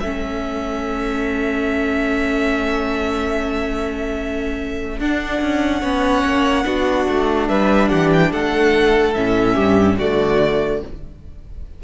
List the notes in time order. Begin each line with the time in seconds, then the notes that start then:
0.00 A3 C#4 A4 E5
4.99 D4 F#5
5.41 C#4
5.81 B3 C#4 C#5
6.24 A#3
6.64 B3 D4 F#4
7.08 A3
7.48 G3 B4 E5
7.89 E3 G4 F#5
8.12 G5
8.31 A3 A4 F#5
9.14 A2 C#4 E5
9.54 G2 G4
9.97 D3 A3 F#4 D5